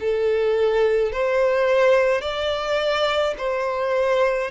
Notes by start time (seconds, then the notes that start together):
0.00 A4
1.12 C5
2.21 D5
3.38 C5